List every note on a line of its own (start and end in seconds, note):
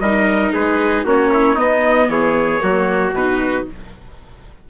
0.00 0.52 G3
0.00 1.06 D#4
0.00 0.54 A#4
0.00 0.52 D#5
0.54 1.05 G#3
0.54 1.05 G#4
0.54 1.06 B4
1.05 1.57 A#3
1.05 1.57 C#4
1.05 1.31 F#4
1.05 1.59 C#5
1.34 1.55 E4
1.55 2.60 B3
1.55 2.09 B3
1.55 2.08 D#4
1.55 2.10 D#5
2.09 2.61 E3
2.09 2.63 G#4
2.09 3.14 C#5
2.60 3.13 F#3
2.60 3.12 A#3
2.60 3.67 F#4
3.13 3.65 B2
3.13 3.70 D#4
3.13 3.67 B4